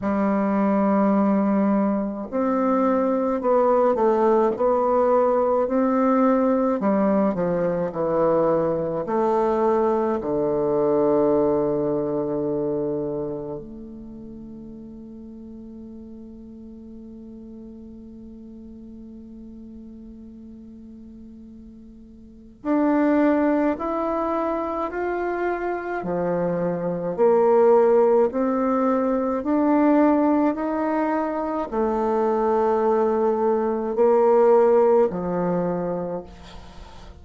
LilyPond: \new Staff \with { instrumentName = "bassoon" } { \time 4/4 \tempo 4 = 53 g2 c'4 b8 a8 | b4 c'4 g8 f8 e4 | a4 d2. | a1~ |
a1 | d'4 e'4 f'4 f4 | ais4 c'4 d'4 dis'4 | a2 ais4 f4 | }